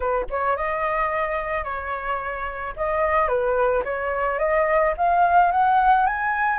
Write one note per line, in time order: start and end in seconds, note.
0.00 0.25 B4
0.30 0.56 C#5
0.56 1.63 D#5
1.63 2.73 C#5
2.76 3.28 D#5
3.28 3.83 B4
3.84 4.38 C#5
4.38 4.93 D#5
4.97 5.51 F5
5.51 6.06 F#5
6.06 6.58 G#5